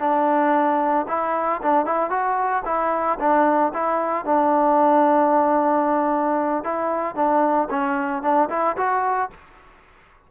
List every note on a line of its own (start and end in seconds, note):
0.00 1.06 D4
1.09 1.62 E4
1.62 1.86 D4
1.86 2.10 E4
2.10 2.63 F#4
2.65 3.19 E4
3.20 3.73 D4
3.74 4.26 E4
4.26 6.64 D4
6.64 7.16 E4
7.16 7.69 D4
7.70 8.23 C#4
8.23 8.49 D4
8.50 8.77 E4
8.77 9.30 F#4